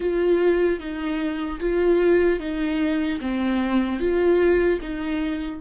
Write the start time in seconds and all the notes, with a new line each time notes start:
0.00 F4
0.79 D#4
1.60 F4
2.39 D#4
3.20 C4
3.99 F4
4.81 D#4